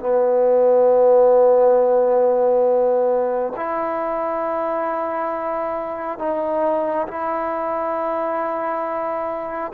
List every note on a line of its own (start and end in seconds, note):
0.00 3.53 B3
3.57 6.19 E4
6.19 7.07 D#4
7.08 9.73 E4